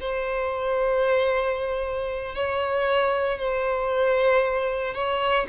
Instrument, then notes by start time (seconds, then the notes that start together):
violin
0.00 C5
2.35 C#5
3.38 C5
4.94 C#5